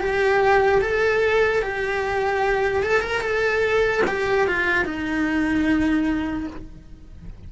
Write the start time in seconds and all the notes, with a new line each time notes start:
0.00 G4
0.81 A4
1.61 G4
2.83 A4
3.00 A#4
3.21 A4
4.07 G4
4.47 F4
4.84 D#4